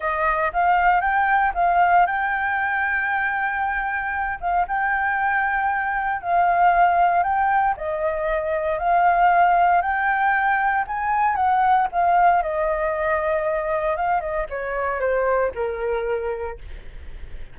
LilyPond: \new Staff \with { instrumentName = "flute" } { \time 4/4 \tempo 4 = 116 dis''4 f''4 g''4 f''4 | g''1~ | g''8 f''8 g''2. | f''2 g''4 dis''4~ |
dis''4 f''2 g''4~ | g''4 gis''4 fis''4 f''4 | dis''2. f''8 dis''8 | cis''4 c''4 ais'2 | }